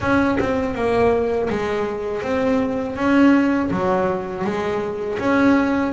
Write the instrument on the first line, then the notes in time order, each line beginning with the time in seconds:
double bass
0.00 C#4
0.39 C4
0.74 A#3
1.49 G#3
2.22 C4
2.96 C#4
3.70 F#3
4.44 G#3
5.18 C#4